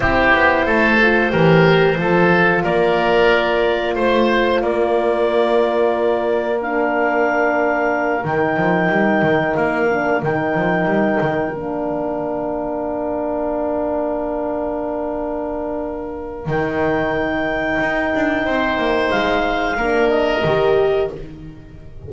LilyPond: <<
  \new Staff \with { instrumentName = "clarinet" } { \time 4/4 \tempo 4 = 91 c''1 | d''2 c''4 d''4~ | d''2 f''2~ | f''8 g''2 f''4 g''8~ |
g''4. f''2~ f''8~ | f''1~ | f''4 g''2.~ | g''4 f''4. dis''4. | }
  \new Staff \with { instrumentName = "oboe" } { \time 4/4 g'4 a'4 ais'4 a'4 | ais'2 c''4 ais'4~ | ais'1~ | ais'1~ |
ais'1~ | ais'1~ | ais'1 | c''2 ais'2 | }
  \new Staff \with { instrumentName = "horn" } { \time 4/4 e'4. f'8 g'4 f'4~ | f'1~ | f'2 d'2~ | d'8 dis'2~ dis'8 d'8 dis'8~ |
dis'4. d'2~ d'8~ | d'1~ | d'4 dis'2.~ | dis'2 d'4 g'4 | }
  \new Staff \with { instrumentName = "double bass" } { \time 4/4 c'8 b8 a4 e4 f4 | ais2 a4 ais4~ | ais1~ | ais8 dis8 f8 g8 dis8 ais4 dis8 |
f8 g8 dis8 ais2~ ais8~ | ais1~ | ais4 dis2 dis'8 d'8 | c'8 ais8 gis4 ais4 dis4 | }
>>